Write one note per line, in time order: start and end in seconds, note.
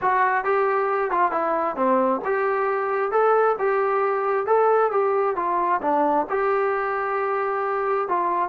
0.01 0.44 F#4
0.44 1.10 G4
1.10 1.31 F4
1.31 1.75 E4
1.75 2.20 C4
2.24 3.11 G4
3.11 3.56 A4
3.59 4.46 G4
4.46 4.91 A4
4.91 5.35 G4
5.36 5.80 F4
5.81 6.26 D4
6.29 8.08 G4
8.08 8.49 F4